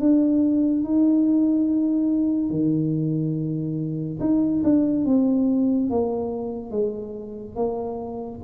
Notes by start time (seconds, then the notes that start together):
0.00 D4
0.85 D#4
2.50 D#3
4.21 D#4
4.64 D4
5.06 C4
5.90 A#3
6.71 G#3
7.56 A#3